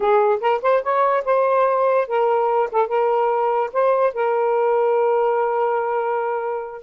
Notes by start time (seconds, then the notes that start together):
0.00 G#4
0.40 A#4
0.62 C5
0.82 C#5
1.24 C5
2.07 A#4
2.71 A4
2.87 A#4
3.73 C5
4.13 A#4